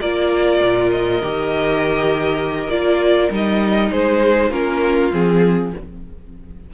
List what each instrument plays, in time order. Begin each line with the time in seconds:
0.00 cello A#3, viola F4, violin A#4 D5
0.62 cello A#2
0.91 violin D#5
1.22 cello D#3, viola G4
2.68 cello A#3, viola F4, violin D5
3.30 cello G3, viola D#4, violin D#5
3.91 cello G#3, violin G#4 C5
4.50 cello A#3, viola C#4, violin F4 A#4
5.12 cello F3, viola C4, violin G#4